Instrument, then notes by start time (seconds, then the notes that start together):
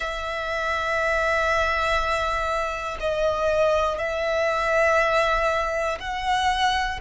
violin
0.00 E5
3.00 D#5
3.98 E5
6.00 F#5